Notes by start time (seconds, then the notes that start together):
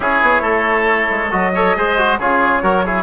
0.00 C#4 E4 G#4 C#5
0.22 B3
0.41 A3 A4
1.10 G#3
1.30 F#3 F#4 D#5
1.54 A4 C#5
1.76 G#3 G#4 C5
1.97 F#4
2.19 C#3 F4 G#4 C#5
2.62 F#3 F#4 A#4
2.85 E4 G#4